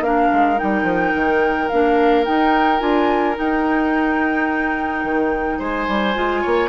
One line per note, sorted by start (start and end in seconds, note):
0.00 0.28 A#3
0.00 0.56 D4
0.00 5.58 A#4
0.00 0.58 F5
0.32 0.60 G#3
0.56 0.83 G3
0.56 1.68 D#4
0.56 1.69 G5
0.83 1.10 F3
1.15 1.70 D#3
1.69 2.27 A#3
1.69 2.25 D4
1.69 2.24 F5
2.25 2.79 D#4
2.25 2.81 D#4
2.25 2.80 G5
2.79 3.36 D4
2.79 3.34 F4
2.79 3.35 G#5
3.34 6.12 D#4
3.34 5.04 D#4
3.34 5.60 G5
5.04 5.59 D#3
5.58 5.87 G#3
5.58 6.41 C5
5.58 6.69 G#5
5.88 6.15 G3
6.14 6.43 G#3
6.14 6.69 F4
6.41 6.69 A#3
6.41 6.69 C#5